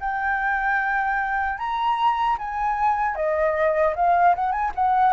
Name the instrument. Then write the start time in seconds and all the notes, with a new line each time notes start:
flute
0.00 G5
1.58 A#5
2.38 G#5
3.15 D#5
3.95 F5
4.35 F#5
4.52 G#5
4.75 F#5